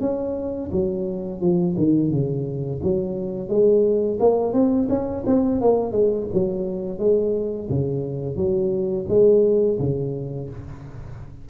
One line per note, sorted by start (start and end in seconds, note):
0.00 0.70 C#4
0.71 1.40 F#3
1.40 1.75 F3
1.77 2.11 D#3
2.11 2.80 C#3
2.83 3.48 F#3
3.48 4.18 G#3
4.20 4.53 A#3
4.53 4.88 C4
4.89 5.24 C#4
5.26 5.61 C4
5.61 5.92 A#3
5.92 6.27 G#3
6.33 6.99 F#3
6.99 7.68 G#3
7.69 8.36 C#3
8.36 9.06 F#3
9.08 9.78 G#3
9.79 10.49 C#3